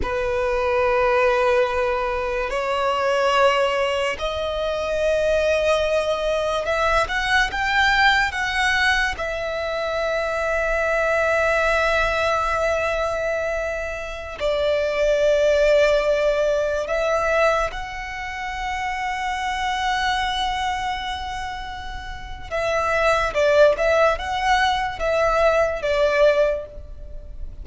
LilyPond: \new Staff \with { instrumentName = "violin" } { \time 4/4 \tempo 4 = 72 b'2. cis''4~ | cis''4 dis''2. | e''8 fis''8 g''4 fis''4 e''4~ | e''1~ |
e''4~ e''16 d''2~ d''8.~ | d''16 e''4 fis''2~ fis''8.~ | fis''2. e''4 | d''8 e''8 fis''4 e''4 d''4 | }